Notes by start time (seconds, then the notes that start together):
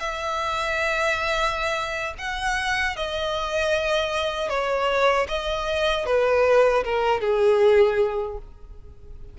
0.00 E5
2.18 F#5
2.96 D#5
4.49 C#5
5.28 D#5
6.06 B4
6.84 A#4
7.21 G#4